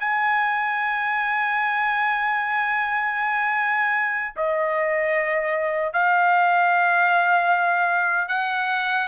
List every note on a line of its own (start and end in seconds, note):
0.00 4.34 G#5
4.36 5.93 D#5
5.93 8.28 F5
8.28 9.07 F#5